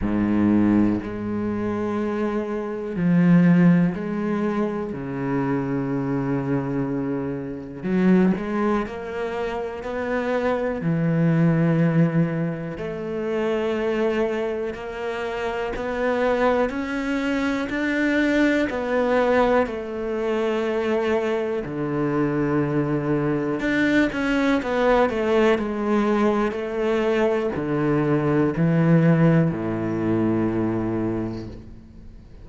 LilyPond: \new Staff \with { instrumentName = "cello" } { \time 4/4 \tempo 4 = 61 gis,4 gis2 f4 | gis4 cis2. | fis8 gis8 ais4 b4 e4~ | e4 a2 ais4 |
b4 cis'4 d'4 b4 | a2 d2 | d'8 cis'8 b8 a8 gis4 a4 | d4 e4 a,2 | }